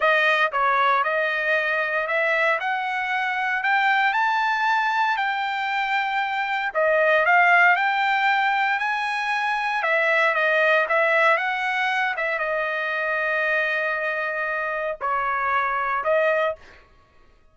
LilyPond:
\new Staff \with { instrumentName = "trumpet" } { \time 4/4 \tempo 4 = 116 dis''4 cis''4 dis''2 | e''4 fis''2 g''4 | a''2 g''2~ | g''4 dis''4 f''4 g''4~ |
g''4 gis''2 e''4 | dis''4 e''4 fis''4. e''8 | dis''1~ | dis''4 cis''2 dis''4 | }